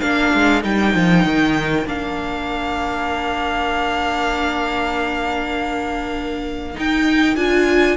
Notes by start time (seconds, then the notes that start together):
0.00 A#3 D4 A#4 F5
0.33 G#3
0.62 G3 D#4 G5
0.94 F3
1.24 D#3
1.86 A#3 D4 F5
6.74 D#4 G5
7.35 D4 F4 G#5